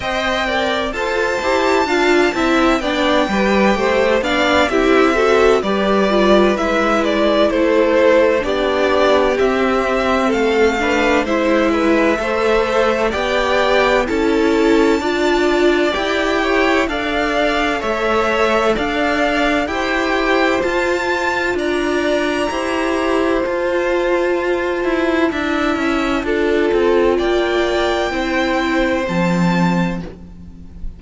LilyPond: <<
  \new Staff \with { instrumentName = "violin" } { \time 4/4 \tempo 4 = 64 g''4 a''2 g''4~ | g''8 f''8 e''4 d''4 e''8 d''8 | c''4 d''4 e''4 f''4 | e''2 g''4 a''4~ |
a''4 g''4 f''4 e''4 | f''4 g''4 a''4 ais''4~ | ais''4 a''2.~ | a''4 g''2 a''4 | }
  \new Staff \with { instrumentName = "violin" } { \time 4/4 dis''8 d''8 c''4 f''8 e''8 d''8 b'8 | c''8 d''8 g'8 a'8 b'2 | a'4 g'2 a'8 b'8 | c''8 b'8 c''4 d''4 a'4 |
d''4. cis''8 d''4 cis''4 | d''4 c''2 d''4 | c''2. e''4 | a'4 d''4 c''2 | }
  \new Staff \with { instrumentName = "viola" } { \time 4/4 c''8 ais'8 a'8 g'8 f'8 e'8 d'8 g'8~ | g'8 d'8 e'8 fis'8 g'8 f'8 e'4~ | e'4 d'4 c'4. d'8 | e'4 a'4 g'4 e'4 |
f'4 g'4 a'2~ | a'4 g'4 f'2 | g'4 f'2 e'4 | f'2 e'4 c'4 | }
  \new Staff \with { instrumentName = "cello" } { \time 4/4 c'4 f'8 e'8 d'8 c'8 b8 g8 | a8 b8 c'4 g4 gis4 | a4 b4 c'4 a4 | gis4 a4 b4 cis'4 |
d'4 e'4 d'4 a4 | d'4 e'4 f'4 d'4 | e'4 f'4. e'8 d'8 cis'8 | d'8 c'8 ais4 c'4 f4 | }
>>